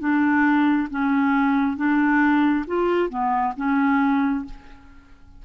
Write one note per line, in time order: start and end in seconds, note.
0.00 0.88 D4
0.90 1.77 C#4
1.77 2.65 D4
2.67 3.10 F4
3.10 3.54 B3
3.57 4.45 C#4